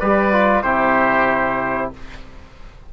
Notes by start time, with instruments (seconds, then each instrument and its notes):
0.00 bassoon G3, trombone G4, oboe B4, trumpet D5
0.33 trombone F4
0.63 bassoon C3, trombone E4, oboe G4, trumpet C5